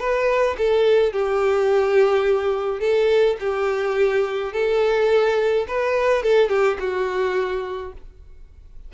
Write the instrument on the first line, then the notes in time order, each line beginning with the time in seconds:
violin
0.00 B4
0.58 A4
1.13 G4
2.80 A4
3.40 G4
4.53 A4
5.68 B4
6.23 A4
6.49 G4
6.80 F#4